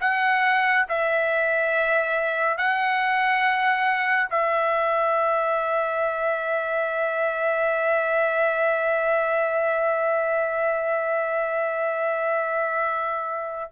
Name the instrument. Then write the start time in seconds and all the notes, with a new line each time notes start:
trumpet
0.00 F#5
0.88 E5
2.57 F#5
4.30 E5